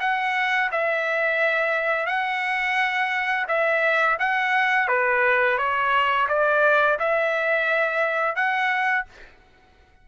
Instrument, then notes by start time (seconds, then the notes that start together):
trumpet
0.00 F#5
0.72 E5
2.06 F#5
3.48 E5
4.19 F#5
4.88 B4
5.58 C#5
6.29 D5
6.99 E5
8.36 F#5